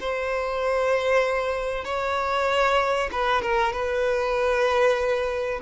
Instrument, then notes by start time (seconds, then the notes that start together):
violin
0.00 C5
1.84 C#5
3.12 B4
3.42 A#4
3.72 B4